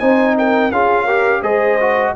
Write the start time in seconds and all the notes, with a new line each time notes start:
0.00 C4 D#4 C5 G#5
0.39 A#4 G5
0.72 C#4 F4 G#4 F5
1.05 G4 A#4
1.43 G#3 G#4 C5 D#5
1.81 F#4